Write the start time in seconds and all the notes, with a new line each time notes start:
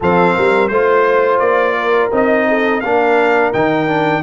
0.00 F3 C4 A4 F5
0.34 G3 A#4
0.68 A3 F4 C5
1.39 A#3 D5
1.76 A#4
2.11 C4 D#4 D#5
2.48 A4
2.80 A#3 D4 A#4 F5
3.53 D#3 D#4 G5
3.87 D4